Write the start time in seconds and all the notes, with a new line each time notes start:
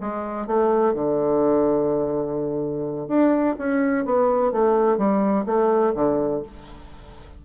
0.00 G#3
0.47 A3
0.94 D3
3.08 D4
3.58 C#4
4.05 B3
4.52 A3
4.97 G3
5.45 A3
5.94 D3